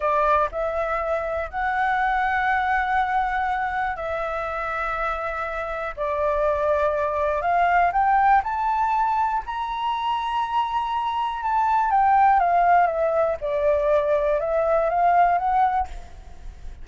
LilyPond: \new Staff \with { instrumentName = "flute" } { \time 4/4 \tempo 4 = 121 d''4 e''2 fis''4~ | fis''1 | e''1 | d''2. f''4 |
g''4 a''2 ais''4~ | ais''2. a''4 | g''4 f''4 e''4 d''4~ | d''4 e''4 f''4 fis''4 | }